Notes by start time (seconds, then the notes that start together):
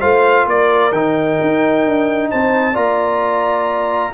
0.00 A3 F4 C5 F5
0.46 A#3 A#4 D5
0.92 D#3 D#4 G5
1.42 D#4
1.86 D4
2.31 C4 C5 A5
2.73 A#3 F4 D5 A#5